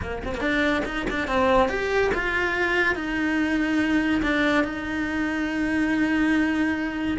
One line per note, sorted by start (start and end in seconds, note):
0.01 0.22 A#3
0.25 0.34 C4
0.34 0.40 A#3
0.34 0.82 D4
0.85 1.06 D#4
1.09 1.27 D4
1.27 1.68 C4
1.68 2.11 G4
2.14 2.95 F4
2.95 4.21 D#4
4.22 4.64 D4
4.64 7.17 D#4